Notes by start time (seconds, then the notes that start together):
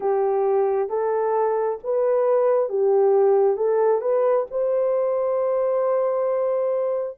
0.00 G4
0.89 A4
1.83 B4
2.69 G4
3.56 A4
4.01 B4
4.51 C5